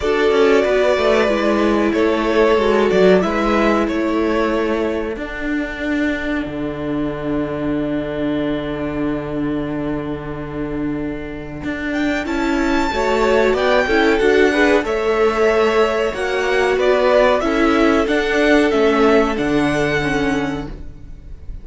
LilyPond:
<<
  \new Staff \with { instrumentName = "violin" } { \time 4/4 \tempo 4 = 93 d''2. cis''4~ | cis''8 d''8 e''4 cis''2 | fis''1~ | fis''1~ |
fis''2~ fis''8 g''8 a''4~ | a''4 g''4 fis''4 e''4~ | e''4 fis''4 d''4 e''4 | fis''4 e''4 fis''2 | }
  \new Staff \with { instrumentName = "violin" } { \time 4/4 a'4 b'2 a'4~ | a'4 b'4 a'2~ | a'1~ | a'1~ |
a'1 | cis''4 d''8 a'4 b'8 cis''4~ | cis''2 b'4 a'4~ | a'1 | }
  \new Staff \with { instrumentName = "viola" } { \time 4/4 fis'2 e'2 | fis'4 e'2. | d'1~ | d'1~ |
d'2. e'4 | fis'4. e'8 fis'8 gis'8 a'4~ | a'4 fis'2 e'4 | d'4 cis'4 d'4 cis'4 | }
  \new Staff \with { instrumentName = "cello" } { \time 4/4 d'8 cis'8 b8 a8 gis4 a4 | gis8 fis8 gis4 a2 | d'2 d2~ | d1~ |
d2 d'4 cis'4 | a4 b8 cis'8 d'4 a4~ | a4 ais4 b4 cis'4 | d'4 a4 d2 | }
>>